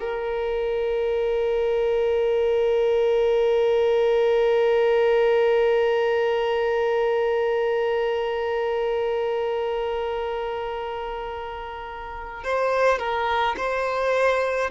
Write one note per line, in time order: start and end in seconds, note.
0.00 12.44 A#4
12.44 12.99 C5
12.99 13.55 A#4
13.57 14.70 C5